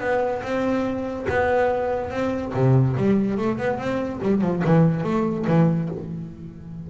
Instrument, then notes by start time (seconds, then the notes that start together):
double bass
0.00 B3
0.43 C4
1.29 B3
2.10 C4
2.54 C3
2.97 G3
3.38 A3
3.58 B3
3.78 C4
4.22 G3
4.41 F3
4.65 E3
5.04 A3
5.47 E3